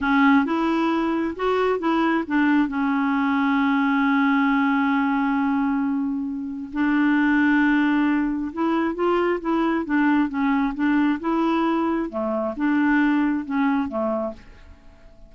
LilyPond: \new Staff \with { instrumentName = "clarinet" } { \time 4/4 \tempo 4 = 134 cis'4 e'2 fis'4 | e'4 d'4 cis'2~ | cis'1~ | cis'2. d'4~ |
d'2. e'4 | f'4 e'4 d'4 cis'4 | d'4 e'2 a4 | d'2 cis'4 a4 | }